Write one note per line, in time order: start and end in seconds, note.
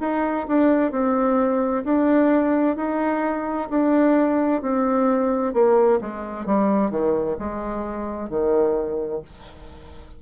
0.00 0.46 D#4
0.48 0.91 D4
0.91 1.83 C4
1.84 2.76 D4
2.76 3.68 D#4
3.70 4.62 D4
4.62 5.53 C4
5.53 5.99 A#3
6.01 6.46 G#3
6.46 6.90 G3
6.90 7.36 D#3
7.38 8.29 G#3
8.29 9.21 D#3